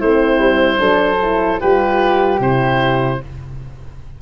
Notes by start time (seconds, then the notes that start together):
0.00 A3 C4 E4 C5
0.38 G3
0.76 F#3 D4 A4
1.21 E4
1.60 G3 F4 G4 B4
2.39 C3 E4 C5